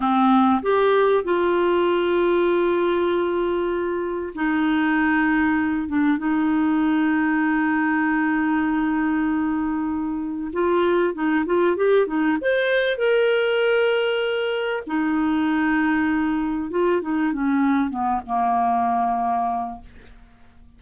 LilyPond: \new Staff \with { instrumentName = "clarinet" } { \time 4/4 \tempo 4 = 97 c'4 g'4 f'2~ | f'2. dis'4~ | dis'4. d'8 dis'2~ | dis'1~ |
dis'4 f'4 dis'8 f'8 g'8 dis'8 | c''4 ais'2. | dis'2. f'8 dis'8 | cis'4 b8 ais2~ ais8 | }